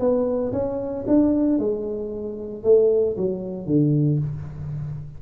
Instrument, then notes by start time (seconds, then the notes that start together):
tuba
0.00 B3
0.53 C#4
1.07 D4
1.59 G#3
2.64 A3
3.17 F#3
3.67 D3